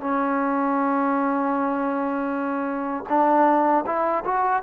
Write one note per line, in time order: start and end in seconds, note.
0.00 3.04 C#4
3.08 3.84 D4
3.86 4.24 E4
4.24 4.62 F#4